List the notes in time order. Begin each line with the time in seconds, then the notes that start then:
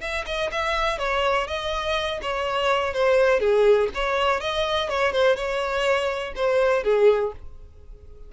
0.00 E5
0.26 D#5
0.51 E5
0.98 C#5
1.47 D#5
2.22 C#5
2.93 C5
3.40 G#4
3.94 C#5
4.40 D#5
4.89 C#5
5.12 C5
5.36 C#5
6.35 C5
6.83 G#4